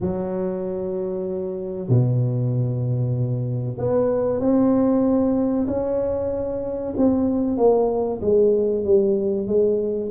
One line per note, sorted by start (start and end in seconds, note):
0.01 1.88 F#3
1.88 3.77 B2
3.77 4.40 B3
4.40 5.66 C4
5.67 6.93 C#4
6.96 7.57 C4
7.57 8.20 A#3
8.21 8.84 G#3
8.84 9.47 G3
9.47 10.10 G#3